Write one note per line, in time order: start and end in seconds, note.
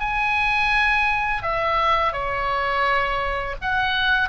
0.00 1.43 G#5
1.43 2.13 E5
2.13 3.56 C#5
3.62 4.30 F#5